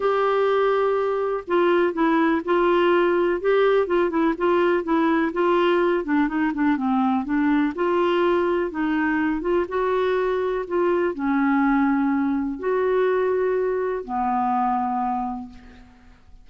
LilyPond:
\new Staff \with { instrumentName = "clarinet" } { \time 4/4 \tempo 4 = 124 g'2. f'4 | e'4 f'2 g'4 | f'8 e'8 f'4 e'4 f'4~ | f'8 d'8 dis'8 d'8 c'4 d'4 |
f'2 dis'4. f'8 | fis'2 f'4 cis'4~ | cis'2 fis'2~ | fis'4 b2. | }